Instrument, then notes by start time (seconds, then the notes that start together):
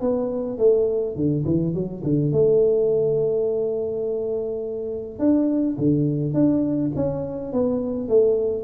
tuba
0.00 B3
0.58 A3
1.15 D3
1.45 E3
1.74 F#3
2.03 D3
2.32 A3
5.18 D4
5.77 D3
6.33 D4
6.95 C#4
7.52 B3
8.08 A3